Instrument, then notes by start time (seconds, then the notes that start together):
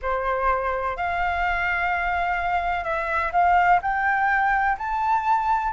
flute
0.02 C5
0.97 F5
2.84 E5
3.32 F5
3.82 G5
4.78 A5